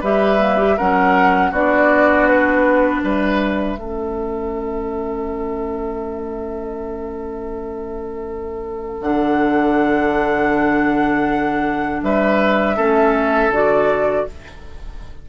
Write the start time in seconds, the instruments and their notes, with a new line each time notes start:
0.00 bassoon G3, clarinet G4, oboe B4, flute E5
0.39 clarinet A#3
0.58 clarinet G4
0.77 bassoon F#3, clarinet C#4, oboe A#4, flute F#5
1.51 bassoon B3, clarinet D4, oboe F#4, flute D5
2.28 flute B4
3.02 bassoon G3, oboe B4, flute E5
3.76 bassoon A3, clarinet C#4, oboe A4
9.01 bassoon D3, clarinet D4, flute F#5
12.03 bassoon G3, oboe B4, flute E5
12.76 bassoon A3, clarinet C#4, oboe A4
13.49 bassoon D3, clarinet F#4, flute D5